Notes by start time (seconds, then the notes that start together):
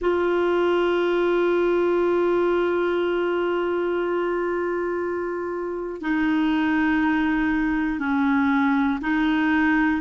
0.00 F4
6.00 D#4
7.99 C#4
9.01 D#4